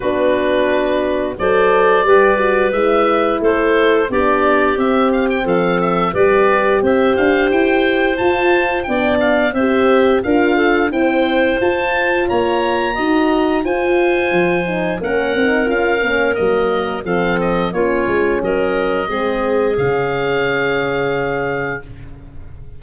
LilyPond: <<
  \new Staff \with { instrumentName = "oboe" } { \time 4/4 \tempo 4 = 88 b'2 d''2 | e''4 c''4 d''4 e''8 f''16 g''16 | f''8 e''8 d''4 e''8 f''8 g''4 | a''4 g''8 f''8 e''4 f''4 |
g''4 a''4 ais''2 | gis''2 fis''4 f''4 | dis''4 f''8 dis''8 cis''4 dis''4~ | dis''4 f''2. | }
  \new Staff \with { instrumentName = "clarinet" } { \time 4/4 fis'2 c''4 b'4~ | b'4 a'4 g'2 | a'4 b'4 c''2~ | c''4 d''4 c''4 ais'8 a'8 |
c''2 cis''4 dis''4 | c''2 ais'2~ | ais'4 a'4 f'4 ais'4 | gis'1 | }
  \new Staff \with { instrumentName = "horn" } { \time 4/4 d'2 a'4 g'8 fis'8 | e'2 d'4 c'4~ | c'4 g'2. | f'4 d'4 g'4 f'4 |
c'4 f'2 fis'4 | f'4. dis'8 cis'8 dis'8 f'8 cis'8 | ais4 c'4 cis'2 | c'4 cis'2. | }
  \new Staff \with { instrumentName = "tuba" } { \time 4/4 b2 fis4 g4 | gis4 a4 b4 c'4 | f4 g4 c'8 d'8 e'4 | f'4 b4 c'4 d'4 |
e'4 f'4 ais4 dis'4 | f'4 f4 ais8 c'8 cis'8 ais8 | fis4 f4 ais8 gis8 fis4 | gis4 cis2. | }
>>